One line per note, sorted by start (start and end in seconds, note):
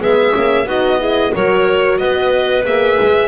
0.00 0.33 G#3
0.00 0.33 B3
0.00 0.66 G#4
0.00 0.68 E5
0.33 0.66 A#3
0.33 0.66 C#4
0.66 1.32 B3
0.66 0.99 D#4
0.66 0.98 F#4
0.66 1.34 D#5
0.99 1.32 E4
0.99 1.32 G#4
1.34 1.99 F#3
1.34 2.64 F#4
1.34 1.98 A#4
1.34 1.98 C#5
1.98 2.65 B3
1.98 3.28 B4
1.98 2.64 D#5
2.64 2.98 A#3
2.64 3.28 G#4
2.64 3.28 E5
3.00 3.28 G#3